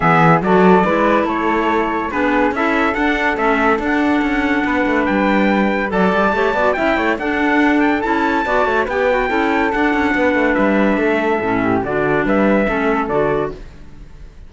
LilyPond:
<<
  \new Staff \with { instrumentName = "trumpet" } { \time 4/4 \tempo 4 = 142 e''4 d''2 cis''4~ | cis''4 b'4 e''4 fis''4 | e''4 fis''2. | g''2 a''2 |
g''4 fis''4. g''8 a''4~ | a''4 g''2 fis''4~ | fis''4 e''2. | d''4 e''2 d''4 | }
  \new Staff \with { instrumentName = "flute" } { \time 4/4 gis'4 a'4 b'4 a'4~ | a'4 gis'4 a'2~ | a'2. b'4~ | b'2 d''4 cis''8 d''8 |
e''8 cis''8 a'2. | d''8 cis''8 b'4 a'2 | b'2 a'4. g'8 | fis'4 b'4 a'2 | }
  \new Staff \with { instrumentName = "clarinet" } { \time 4/4 b4 fis'4 e'2~ | e'4 d'4 e'4 d'4 | cis'4 d'2.~ | d'2 a'4 g'8 fis'8 |
e'4 d'2 e'4 | fis'4 g'8 fis'8 e'4 d'4~ | d'2. cis'4 | d'2 cis'4 fis'4 | }
  \new Staff \with { instrumentName = "cello" } { \time 4/4 e4 fis4 gis4 a4~ | a4 b4 cis'4 d'4 | a4 d'4 cis'4 b8 a8 | g2 fis8 g8 a8 b8 |
cis'8 a8 d'2 cis'4 | b8 a8 b4 cis'4 d'8 cis'8 | b8 a8 g4 a4 a,4 | d4 g4 a4 d4 | }
>>